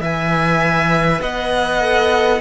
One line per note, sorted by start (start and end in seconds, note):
0.00 1.20 E3
0.00 1.81 B4
0.00 1.21 E5
0.00 1.22 G#5
1.22 2.41 B3
1.22 2.41 D#5
1.22 2.41 F#5
1.81 2.41 A4